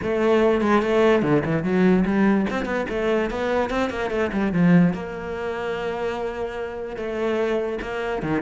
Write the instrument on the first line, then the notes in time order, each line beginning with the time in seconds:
cello
0.02 A3
0.61 G#3
0.81 A3
1.22 D3
1.44 E3
1.63 F#3
2.05 G3
2.50 C4
2.65 B3
2.89 A3
3.30 B3
3.70 C4
3.90 A#3
4.10 A3
4.32 G3
4.53 F3
4.93 A#3
6.96 A3
7.81 A#3
8.22 D#3